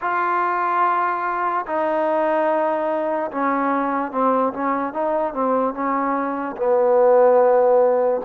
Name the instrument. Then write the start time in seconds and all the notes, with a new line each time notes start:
trombone
0.01 F4
1.66 D#4
3.31 C#4
4.11 C4
4.53 C#4
4.93 D#4
5.33 C4
5.73 C#4
6.56 B3